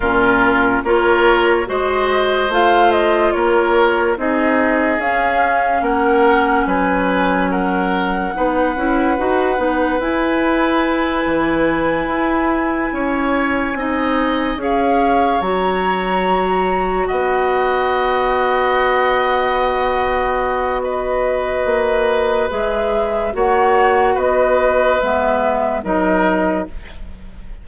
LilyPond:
<<
  \new Staff \with { instrumentName = "flute" } { \time 4/4 \tempo 4 = 72 ais'4 cis''4 dis''4 f''8 dis''8 | cis''4 dis''4 f''4 fis''4 | gis''4 fis''2. | gis''1~ |
gis''4. f''4 ais''4.~ | ais''8 fis''2.~ fis''8~ | fis''4 dis''2 e''4 | fis''4 dis''4 e''4 dis''4 | }
  \new Staff \with { instrumentName = "oboe" } { \time 4/4 f'4 ais'4 c''2 | ais'4 gis'2 ais'4 | b'4 ais'4 b'2~ | b'2.~ b'8 cis''8~ |
cis''8 dis''4 cis''2~ cis''8~ | cis''8 dis''2.~ dis''8~ | dis''4 b'2. | cis''4 b'2 ais'4 | }
  \new Staff \with { instrumentName = "clarinet" } { \time 4/4 cis'4 f'4 fis'4 f'4~ | f'4 dis'4 cis'2~ | cis'2 dis'8 e'8 fis'8 dis'8 | e'1~ |
e'8 dis'4 gis'4 fis'4.~ | fis'1~ | fis'2. gis'4 | fis'2 b4 dis'4 | }
  \new Staff \with { instrumentName = "bassoon" } { \time 4/4 ais,4 ais4 gis4 a4 | ais4 c'4 cis'4 ais4 | fis2 b8 cis'8 dis'8 b8 | e'4. e4 e'4 cis'8~ |
cis'8 c'4 cis'4 fis4.~ | fis8 b2.~ b8~ | b2 ais4 gis4 | ais4 b4 gis4 fis4 | }
>>